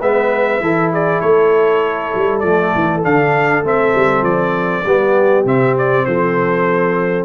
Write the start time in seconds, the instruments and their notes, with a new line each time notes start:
0.00 tuba G#3, trombone B3, horn B4, trumpet E5
0.60 tuba E3, trombone E4, horn A4
0.92 horn G#4, trumpet D5
1.21 tuba A3, horn A4, trumpet C#5
2.14 tuba G3
2.40 tuba F3, trombone A3, trumpet D5
2.75 tuba E3
3.03 tuba D3, trombone D4, trumpet F5
3.63 tuba A3, trombone C4, trumpet E5
3.95 tuba G3
4.21 tuba F3, trumpet D5
4.85 tuba G3, trombone B3, horn G4
5.45 tuba C3, trombone C4, trumpet E5
5.78 trumpet D5
6.05 tuba F3, horn A4, trumpet C5